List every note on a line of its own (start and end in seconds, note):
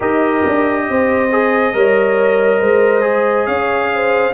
0.00 0.44 D#4
0.00 1.30 G4
0.00 0.84 A#4
0.00 3.46 D#5
0.46 0.89 D4
0.88 1.74 C4
0.88 1.74 C5
1.31 1.73 G#4
1.73 2.61 G3
1.73 3.01 A#4
1.73 2.59 C#5
2.59 3.47 G#3
2.59 3.46 C5
3.01 4.31 G#4
3.46 4.33 C#4
3.46 3.90 C#5
3.46 4.33 F5
3.93 4.33 C5